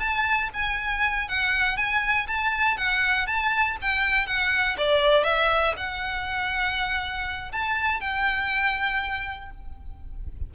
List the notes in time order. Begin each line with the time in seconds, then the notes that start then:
0.00 A5
0.54 G#5
1.29 F#5
1.77 G#5
2.27 A5
2.78 F#5
3.27 A5
3.82 G5
4.27 F#5
4.78 D5
5.25 E5
5.77 F#5
7.52 A5
8.01 G5